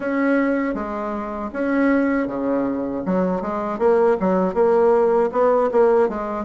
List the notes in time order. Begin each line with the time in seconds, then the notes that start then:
0.00 C#4
0.74 G#3
1.53 C#4
2.27 C#3
3.06 F#3
3.41 G#3
3.78 A#3
4.19 F#3
4.54 A#3
5.32 B3
5.71 A#3
6.09 G#3